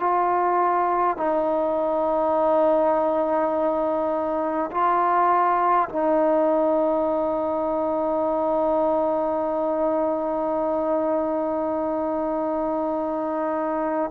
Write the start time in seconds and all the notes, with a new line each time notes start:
0.00 F4
1.17 D#4
4.71 F4
5.89 D#4